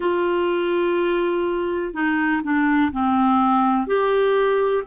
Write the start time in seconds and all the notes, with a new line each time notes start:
0.00 F4
1.93 D#4
2.43 D4
2.92 C4
3.87 G4